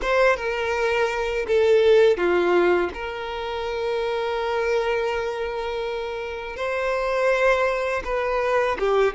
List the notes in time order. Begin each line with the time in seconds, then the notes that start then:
0.01 C5
0.36 A#4
1.47 A4
2.17 F4
2.94 A#4
6.56 C5
8.04 B4
8.79 G4